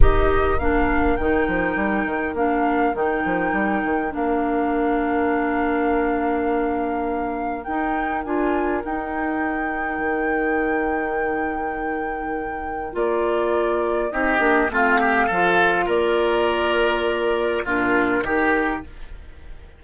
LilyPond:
<<
  \new Staff \with { instrumentName = "flute" } { \time 4/4 \tempo 4 = 102 dis''4 f''4 g''2 | f''4 g''2 f''4~ | f''1~ | f''4 g''4 gis''4 g''4~ |
g''1~ | g''2 d''2 | dis''4 f''2 d''4~ | d''2 ais'2 | }
  \new Staff \with { instrumentName = "oboe" } { \time 4/4 ais'1~ | ais'1~ | ais'1~ | ais'1~ |
ais'1~ | ais'1 | g'4 f'8 g'8 a'4 ais'4~ | ais'2 f'4 g'4 | }
  \new Staff \with { instrumentName = "clarinet" } { \time 4/4 g'4 d'4 dis'2 | d'4 dis'2 d'4~ | d'1~ | d'4 dis'4 f'4 dis'4~ |
dis'1~ | dis'2 f'2 | dis'8 d'8 c'4 f'2~ | f'2 d'4 dis'4 | }
  \new Staff \with { instrumentName = "bassoon" } { \time 4/4 dis'4 ais4 dis8 f8 g8 dis8 | ais4 dis8 f8 g8 dis8 ais4~ | ais1~ | ais4 dis'4 d'4 dis'4~ |
dis'4 dis2.~ | dis2 ais2 | c'8 ais8 a4 f4 ais4~ | ais2 ais,4 dis4 | }
>>